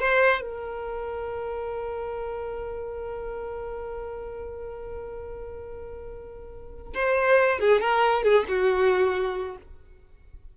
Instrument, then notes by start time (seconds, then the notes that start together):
violin
0.00 C5
0.42 A#4
6.94 C5
7.60 G#4
7.81 A#4
8.24 G#4
8.49 F#4